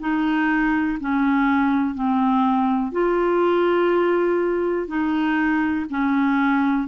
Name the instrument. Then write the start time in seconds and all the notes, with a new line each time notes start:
clarinet
0.00 D#4
1.00 C#4
1.95 C4
2.92 F4
4.88 D#4
5.90 C#4